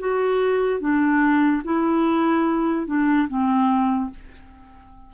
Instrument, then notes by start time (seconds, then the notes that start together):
clarinet
0.00 F#4
0.81 D4
1.65 E4
2.87 D4
3.29 C4